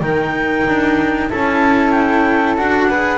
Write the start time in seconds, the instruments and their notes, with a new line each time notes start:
0.00 double bass D#3, cello D#4, flute A#4, clarinet G5
0.68 double bass D4
1.30 double bass C#4, cello E4, flute A4, clarinet A5
1.91 clarinet G5
2.58 double bass D4, cello F#4, clarinet F#5
2.89 cello G#4, flute B4